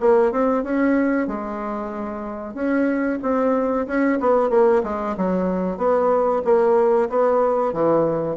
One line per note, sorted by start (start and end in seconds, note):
0.00 0.32 A#3
0.32 0.63 C4
0.63 1.28 C#4
1.28 2.54 G#3
2.54 3.19 C#4
3.22 3.87 C4
3.87 4.19 C#4
4.20 4.50 B3
4.50 4.82 A#3
4.83 5.16 G#3
5.17 5.77 F#3
5.77 6.42 B3
6.45 7.09 A#3
7.09 7.73 B3
7.73 8.36 E3